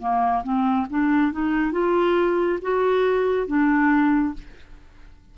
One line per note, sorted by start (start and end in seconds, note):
0.00 0.43 A#3
0.43 0.87 C4
0.91 1.32 D4
1.32 1.72 D#4
1.72 2.59 F4
2.62 3.47 F#4
3.47 4.34 D4